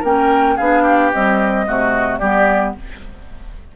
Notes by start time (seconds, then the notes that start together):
0.00 A#3 C#4 A#4 G5
0.56 B3 D4 G#4 F5
0.83 G4
1.13 G3 C4 D#5
1.66 C3 A3 F#4
2.18 G3 B3 G4 D5